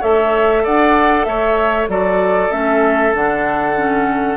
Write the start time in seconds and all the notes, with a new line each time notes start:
0.00 A3 A4 C#5 E5
0.63 D4 D5 F#5
1.24 A3 C#5 E5
1.88 F#3 F#4 A4 D5
2.50 A3 C#4 E5
3.13 D3 D4 F#5
3.76 C#4